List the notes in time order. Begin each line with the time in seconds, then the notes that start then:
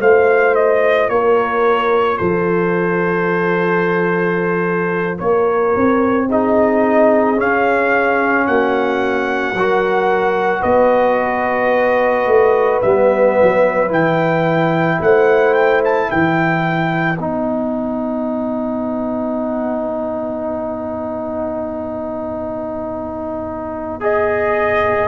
0.00 A3 F4 C5 F5
0.55 D#5
1.09 A#3 A#4 C#5
2.17 F3 A4 C5
5.18 A#3 A#4 C#5
5.76 C4
6.29 D#4 G#4 D#5
7.36 C#4 F5
8.47 A#3 F#4 F#5
9.53 F#3 F#4 A#4
10.60 B3 B4 D#5
12.26 A3
12.81 G3 B3 E5
13.42 F#3
13.88 E3 E4 G5
15.00 A3 C5 F#5
15.54 G5
15.85 A5
16.10 E3 B4 G5
17.18 B3 D#4 F#5
24.00 G#4 D#5